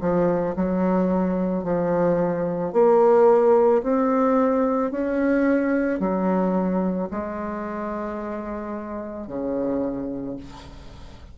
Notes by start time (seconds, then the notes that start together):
0.00 F3
0.56 F#3
1.63 F3
2.72 A#3
3.82 C4
4.91 C#4
5.99 F#3
7.11 G#3
9.27 C#3